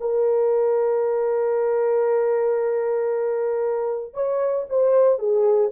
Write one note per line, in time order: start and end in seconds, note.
0.00 4.14 A#4
4.14 4.66 C#5
4.69 5.18 C5
5.18 5.71 G#4